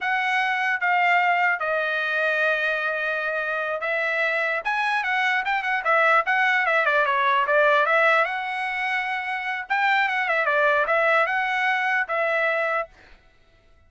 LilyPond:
\new Staff \with { instrumentName = "trumpet" } { \time 4/4 \tempo 4 = 149 fis''2 f''2 | dis''1~ | dis''4. e''2 gis''8~ | gis''8 fis''4 g''8 fis''8 e''4 fis''8~ |
fis''8 e''8 d''8 cis''4 d''4 e''8~ | e''8 fis''2.~ fis''8 | g''4 fis''8 e''8 d''4 e''4 | fis''2 e''2 | }